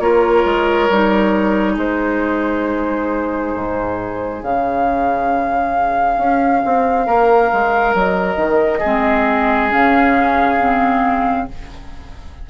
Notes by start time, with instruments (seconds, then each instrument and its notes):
0.00 bassoon A#3, clarinet F4, oboe A#4, flute C#5
0.44 bassoon G#3
0.90 bassoon G3, clarinet D#4
1.74 bassoon G#3, oboe G#4, flute C5
3.55 bassoon G#2
4.42 bassoon C#3, clarinet C#4, flute F5
6.18 bassoon C#4
6.65 bassoon C4
7.06 bassoon A#3, oboe A#4
7.53 bassoon G#3
7.95 bassoon F#3, flute D#5
8.36 bassoon D#3
8.80 bassoon G#3, clarinet C4, oboe G#4
9.70 bassoon C#3, clarinet C#4, flute F5
10.60 clarinet C4